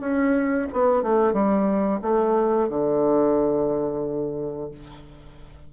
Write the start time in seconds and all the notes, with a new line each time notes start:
0.00 C#4
0.72 B3
1.02 A3
1.33 G3
2.02 A3
2.69 D3